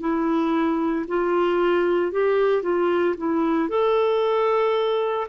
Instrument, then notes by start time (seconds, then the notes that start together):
clarinet
0.00 E4
1.08 F4
2.11 G4
2.62 F4
3.17 E4
3.69 A4